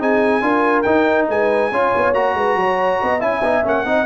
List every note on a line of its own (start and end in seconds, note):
0.00 0.42 C4
0.00 0.42 D#4
0.00 0.43 G#4
0.00 0.83 G#5
0.42 0.85 D4
0.42 0.85 F4
0.42 1.28 A#4
0.83 1.29 D#4
0.83 1.72 D#4
0.83 1.26 G5
1.29 1.72 G#3
1.29 1.71 B4
1.29 2.14 G#5
1.71 1.93 C#4
1.71 2.15 F4
1.71 2.36 C#5
1.96 2.13 B3
2.13 2.35 A#3
2.13 3.21 F#4
2.13 3.21 A#5
2.35 2.56 G#3
2.35 2.59 B4
2.56 2.99 F#3
2.56 3.02 C#5
3.02 3.22 B3
3.02 3.20 D#5
3.20 3.42 C#4
3.20 3.42 E4
3.20 3.85 E5
3.20 3.64 G#5
3.42 3.64 B3
3.42 3.64 D#4
3.64 3.85 A#3
3.64 3.85 C#4
3.64 4.06 F#5
3.85 4.06 C4
3.85 4.06 D#4
3.85 4.06 D#5